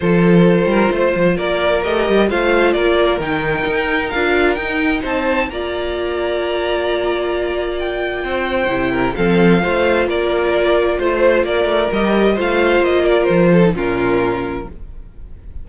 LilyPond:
<<
  \new Staff \with { instrumentName = "violin" } { \time 4/4 \tempo 4 = 131 c''2. d''4 | dis''4 f''4 d''4 g''4~ | g''4 f''4 g''4 a''4 | ais''1~ |
ais''4 g''2. | f''2 d''2 | c''4 d''4 dis''4 f''4 | dis''8 d''8 c''4 ais'2 | }
  \new Staff \with { instrumentName = "violin" } { \time 4/4 a'4. ais'8 c''4 ais'4~ | ais'4 c''4 ais'2~ | ais'2. c''4 | d''1~ |
d''2 c''4. ais'8 | a'4 c''4 ais'2 | c''4 ais'2 c''4~ | c''8 ais'4 a'8 f'2 | }
  \new Staff \with { instrumentName = "viola" } { \time 4/4 f'1 | g'4 f'2 dis'4~ | dis'4 f'4 dis'2 | f'1~ |
f'2. e'4 | c'4 f'2.~ | f'2 g'4 f'4~ | f'4.~ f'16 dis'16 cis'2 | }
  \new Staff \with { instrumentName = "cello" } { \time 4/4 f4. g8 a8 f8 ais4 | a8 g8 a4 ais4 dis4 | dis'4 d'4 dis'4 c'4 | ais1~ |
ais2 c'4 c4 | f4 a4 ais2 | a4 ais8 a8 g4 a4 | ais4 f4 ais,2 | }
>>